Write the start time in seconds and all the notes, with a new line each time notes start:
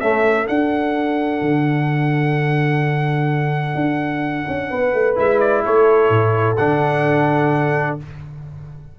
0.00 A3 C#4 A4 E5
0.47 D4 F#5
1.41 D3
3.75 D4
4.48 C#4
4.69 B3 B4
4.94 A3
5.16 G#3 E4 E5
5.40 D5
5.65 A3 A4 C#5
6.10 A2
6.57 D3 D4 F#5